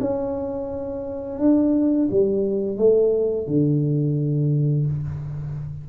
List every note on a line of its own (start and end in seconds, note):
0.00 1.39 C#4
1.39 2.08 D4
2.11 2.77 G3
2.77 3.47 A3
3.47 4.86 D3